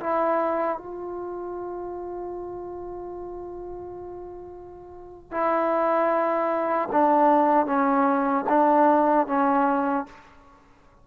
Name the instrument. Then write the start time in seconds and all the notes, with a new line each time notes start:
trombone
0.00 E4
0.78 F4
5.31 E4
6.92 D4
7.66 C#4
8.49 D4
9.27 C#4